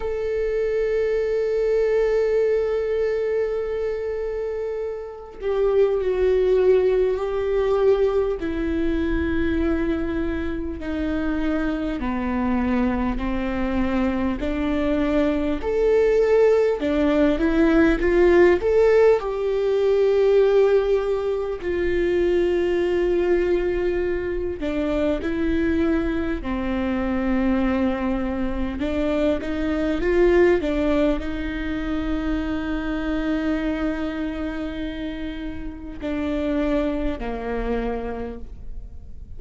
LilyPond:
\new Staff \with { instrumentName = "viola" } { \time 4/4 \tempo 4 = 50 a'1~ | a'8 g'8 fis'4 g'4 e'4~ | e'4 dis'4 b4 c'4 | d'4 a'4 d'8 e'8 f'8 a'8 |
g'2 f'2~ | f'8 d'8 e'4 c'2 | d'8 dis'8 f'8 d'8 dis'2~ | dis'2 d'4 ais4 | }